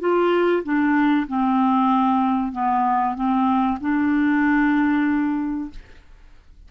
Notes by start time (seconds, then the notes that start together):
0.00 F4
0.63 D4
1.27 C4
2.52 B3
3.15 C4
3.81 D4